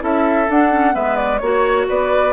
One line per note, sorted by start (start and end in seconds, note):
0.00 0.48 C#4
0.00 0.47 E4
0.00 0.95 A4
0.00 0.51 E5
0.49 0.96 D4
0.49 0.72 D4
0.49 0.95 F#5
0.72 0.92 C#4
0.92 1.41 G#3
0.92 1.39 B3
0.92 1.41 B4
0.92 1.16 E5
1.16 1.38 D5
1.38 1.87 A#3
1.38 2.33 F#4
1.38 1.85 C#5
1.38 1.87 C#5
1.88 2.33 B3
1.88 2.33 B4
1.88 2.33 D5